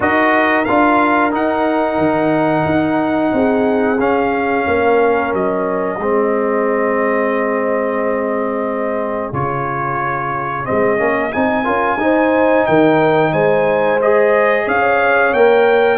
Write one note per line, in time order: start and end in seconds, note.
0.00 0.67 D#4
0.00 0.64 F#4
0.00 3.31 A#4
0.00 0.64 D#5
0.64 1.32 D4
0.64 1.31 F4
0.64 1.31 F5
1.31 3.97 D#4
1.31 1.98 D#4
1.31 4.00 F#5
1.98 2.64 D#3
2.65 3.32 D#4
3.32 3.99 C4
3.32 4.68 G#4
3.99 4.66 C#4
3.99 5.99 C#4
3.99 5.33 F5
4.66 5.33 A#3
4.66 5.99 A#4
5.33 5.98 F#3
5.33 9.33 D#5
5.98 9.31 G#3
5.98 9.33 C4
5.98 11.64 G#4
9.32 10.65 C#3
9.32 10.64 F4
9.32 10.65 C#5
10.64 10.97 C4
10.64 11.32 D#5
10.70 10.99 G#3
10.97 11.32 A#3
10.97 11.30 C#4
11.32 11.67 C4
11.32 11.64 D#4
11.32 12.65 G#5
11.64 11.96 C#4
11.64 11.97 F4
11.64 11.97 A#4
11.96 12.63 D#4
11.96 13.99 D#4
11.96 12.68 C5
12.66 13.32 D#3
12.66 13.32 A#4
12.66 13.32 G5
13.32 14.66 G#3
13.32 14.65 C5
13.32 13.99 G#5
14.01 15.35 G#4
14.01 14.68 D#5
14.65 15.33 C#4
14.65 15.97 C#5
14.65 15.33 F5
15.33 15.97 A#3
15.33 15.97 A#4
15.33 15.97 G5